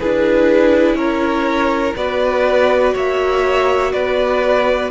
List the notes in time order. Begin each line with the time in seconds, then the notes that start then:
0.00 D4 E4 G#4 B4
0.95 C#4 A#4 C#5
1.96 B3 F#4 B4 D5
2.94 A#3 C#5 E5
3.93 B3 B4 D5